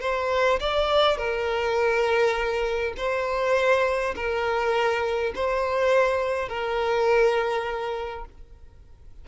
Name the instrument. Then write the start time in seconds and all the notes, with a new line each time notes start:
violin
0.00 C5
0.59 D5
1.17 A#4
2.97 C5
4.15 A#4
5.34 C5
6.48 A#4